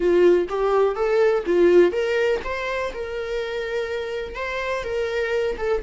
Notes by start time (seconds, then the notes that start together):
0.00 F4
0.48 G4
0.95 A4
1.45 F4
1.92 A#4
2.43 C5
2.93 A#4
4.35 C5
4.83 A#4
5.57 A4